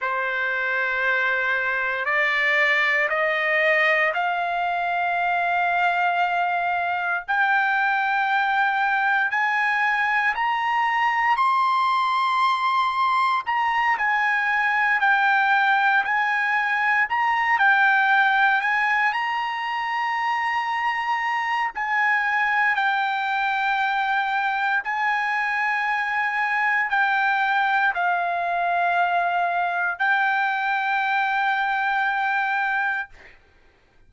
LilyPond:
\new Staff \with { instrumentName = "trumpet" } { \time 4/4 \tempo 4 = 58 c''2 d''4 dis''4 | f''2. g''4~ | g''4 gis''4 ais''4 c'''4~ | c'''4 ais''8 gis''4 g''4 gis''8~ |
gis''8 ais''8 g''4 gis''8 ais''4.~ | ais''4 gis''4 g''2 | gis''2 g''4 f''4~ | f''4 g''2. | }